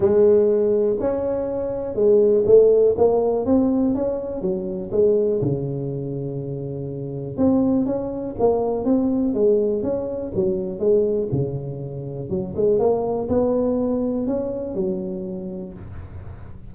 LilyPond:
\new Staff \with { instrumentName = "tuba" } { \time 4/4 \tempo 4 = 122 gis2 cis'2 | gis4 a4 ais4 c'4 | cis'4 fis4 gis4 cis4~ | cis2. c'4 |
cis'4 ais4 c'4 gis4 | cis'4 fis4 gis4 cis4~ | cis4 fis8 gis8 ais4 b4~ | b4 cis'4 fis2 | }